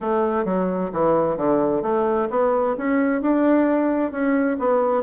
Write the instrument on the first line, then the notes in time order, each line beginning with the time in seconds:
bassoon
0.01 A3
0.44 F#3
0.92 E3
1.37 D3
1.82 A3
2.30 B3
2.77 C#4
3.21 D4
4.11 C#4
4.59 B3